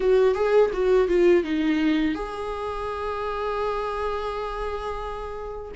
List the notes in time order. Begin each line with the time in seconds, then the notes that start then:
0.00 F#4
0.34 G#4
0.73 F#4
1.07 F4
1.43 D#4
2.14 G#4